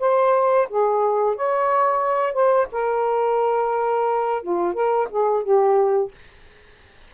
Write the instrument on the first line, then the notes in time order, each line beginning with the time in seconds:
saxophone
0.00 C5
0.69 G#4
1.36 C#5
2.33 C5
2.72 A#4
4.43 F4
4.74 A#4
5.10 G#4
5.43 G4